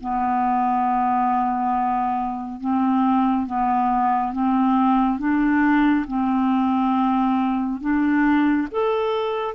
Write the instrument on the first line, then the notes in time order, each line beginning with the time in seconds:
clarinet
0.00 B3
2.60 C4
3.46 B3
4.32 C4
5.19 D4
6.07 C4
7.81 D4
8.71 A4